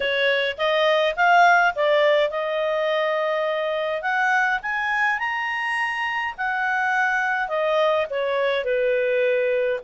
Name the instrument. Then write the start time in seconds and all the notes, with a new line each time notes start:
clarinet
0.00 C#5
0.57 D#5
1.16 F5
1.75 D5
2.30 D#5
4.02 F#5
4.62 G#5
5.18 A#5
6.37 F#5
7.48 D#5
8.10 C#5
8.64 B4